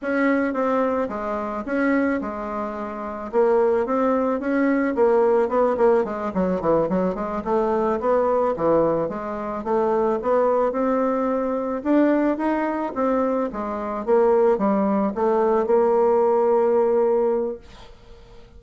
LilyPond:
\new Staff \with { instrumentName = "bassoon" } { \time 4/4 \tempo 4 = 109 cis'4 c'4 gis4 cis'4 | gis2 ais4 c'4 | cis'4 ais4 b8 ais8 gis8 fis8 | e8 fis8 gis8 a4 b4 e8~ |
e8 gis4 a4 b4 c'8~ | c'4. d'4 dis'4 c'8~ | c'8 gis4 ais4 g4 a8~ | a8 ais2.~ ais8 | }